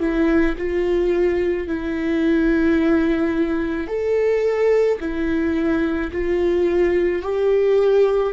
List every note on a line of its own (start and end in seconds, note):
0.00 0.56 E4
0.58 1.68 F4
1.68 3.88 E4
3.88 4.99 A4
5.01 6.12 E4
6.12 7.23 F4
7.23 8.33 G4